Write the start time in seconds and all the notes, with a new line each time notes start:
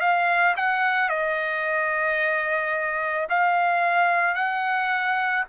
0.00 F5
0.56 F#5
1.09 D#5
3.29 F5
4.34 F#5